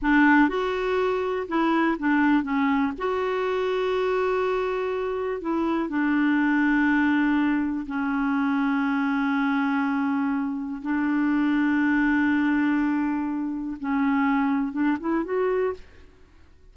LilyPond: \new Staff \with { instrumentName = "clarinet" } { \time 4/4 \tempo 4 = 122 d'4 fis'2 e'4 | d'4 cis'4 fis'2~ | fis'2. e'4 | d'1 |
cis'1~ | cis'2 d'2~ | d'1 | cis'2 d'8 e'8 fis'4 | }